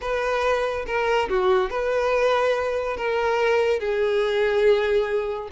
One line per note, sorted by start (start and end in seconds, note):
0.01 0.85 B4
0.86 1.28 A#4
1.29 1.70 F#4
1.70 2.97 B4
2.97 3.79 A#4
3.79 5.48 G#4